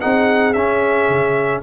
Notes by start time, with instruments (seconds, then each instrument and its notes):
0.00 tuba C4, trombone D#4, horn G#4, trumpet F#5
0.53 tuba C#4, trombone C#4, trumpet E5
1.08 tuba C#3